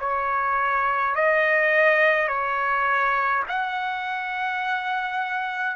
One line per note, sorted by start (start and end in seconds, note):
0.00 1.15 C#5
1.15 2.28 D#5
2.28 3.44 C#5
3.49 5.76 F#5